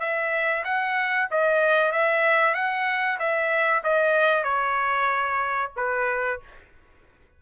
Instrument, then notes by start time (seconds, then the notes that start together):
trumpet
0.00 E5
0.65 F#5
1.31 D#5
1.92 E5
2.55 F#5
3.19 E5
3.84 D#5
4.44 C#5
5.76 B4